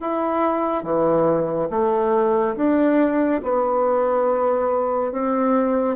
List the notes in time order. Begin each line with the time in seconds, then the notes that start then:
0.00 E4
0.83 E3
1.70 A3
2.56 D4
3.43 B3
5.12 C4